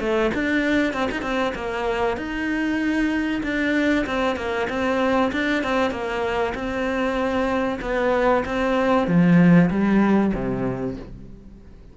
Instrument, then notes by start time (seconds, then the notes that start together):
cello
0.00 A3
0.35 D4
0.94 C4
1.12 D#4
1.22 C4
1.55 A#3
2.17 D#4
3.43 D4
4.06 C4
4.36 A#3
4.70 C4
5.32 D4
5.64 C4
5.91 A#3
6.55 C4
7.82 B3
8.45 C4
9.08 F3
9.70 G3
10.34 C3